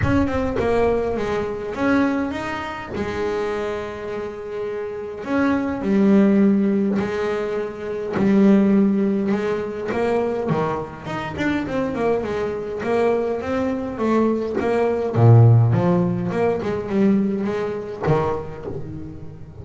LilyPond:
\new Staff \with { instrumentName = "double bass" } { \time 4/4 \tempo 4 = 103 cis'8 c'8 ais4 gis4 cis'4 | dis'4 gis2.~ | gis4 cis'4 g2 | gis2 g2 |
gis4 ais4 dis4 dis'8 d'8 | c'8 ais8 gis4 ais4 c'4 | a4 ais4 ais,4 f4 | ais8 gis8 g4 gis4 dis4 | }